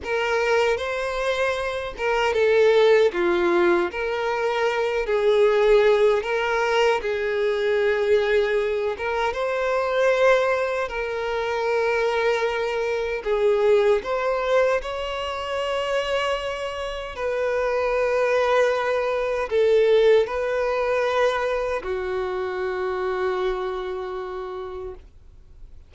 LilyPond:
\new Staff \with { instrumentName = "violin" } { \time 4/4 \tempo 4 = 77 ais'4 c''4. ais'8 a'4 | f'4 ais'4. gis'4. | ais'4 gis'2~ gis'8 ais'8 | c''2 ais'2~ |
ais'4 gis'4 c''4 cis''4~ | cis''2 b'2~ | b'4 a'4 b'2 | fis'1 | }